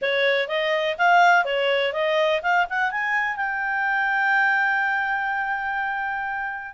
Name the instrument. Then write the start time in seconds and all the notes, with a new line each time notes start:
clarinet
0.01 C#5
0.48 D#5
0.97 F5
1.45 C#5
1.92 D#5
2.42 F5
2.69 F#5
2.91 G#5
3.36 G5